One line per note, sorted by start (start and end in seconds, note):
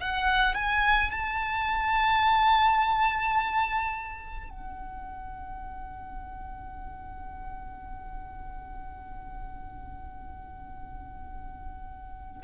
0.00 0.55 F#5
0.55 1.11 G#5
1.11 4.50 A5
4.50 12.42 F#5